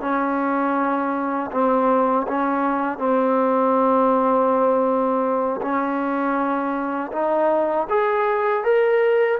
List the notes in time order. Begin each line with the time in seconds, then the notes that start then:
0.00 C#4
1.51 C4
2.27 C#4
2.98 C4
5.61 C#4
7.12 D#4
7.89 G#4
8.63 A#4